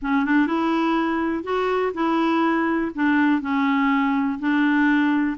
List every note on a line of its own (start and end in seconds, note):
0.02 0.25 C#4
0.25 0.46 D4
0.46 1.43 E4
1.43 1.92 F#4
1.94 2.91 E4
2.94 3.41 D4
3.41 4.39 C#4
4.39 5.36 D4